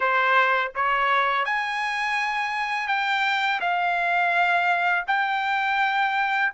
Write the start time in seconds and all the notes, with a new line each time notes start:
0.00 C5
0.75 C#5
1.45 G#5
2.87 G5
3.60 F5
5.07 G5